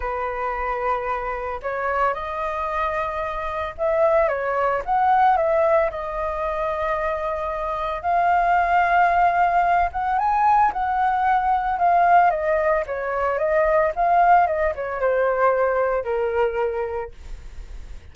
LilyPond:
\new Staff \with { instrumentName = "flute" } { \time 4/4 \tempo 4 = 112 b'2. cis''4 | dis''2. e''4 | cis''4 fis''4 e''4 dis''4~ | dis''2. f''4~ |
f''2~ f''8 fis''8 gis''4 | fis''2 f''4 dis''4 | cis''4 dis''4 f''4 dis''8 cis''8 | c''2 ais'2 | }